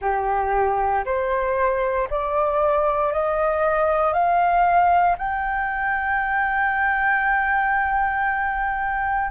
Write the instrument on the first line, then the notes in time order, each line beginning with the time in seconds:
flute
0.00 G4
1.05 C5
2.09 D5
3.13 D#5
4.13 F5
5.17 G5